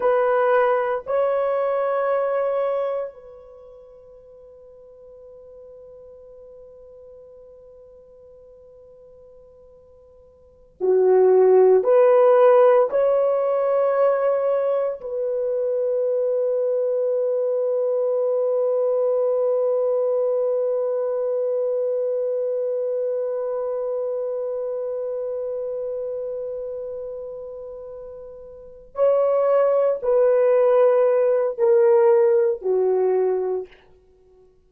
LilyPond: \new Staff \with { instrumentName = "horn" } { \time 4/4 \tempo 4 = 57 b'4 cis''2 b'4~ | b'1~ | b'2~ b'16 fis'4 b'8.~ | b'16 cis''2 b'4.~ b'16~ |
b'1~ | b'1~ | b'2.~ b'8 cis''8~ | cis''8 b'4. ais'4 fis'4 | }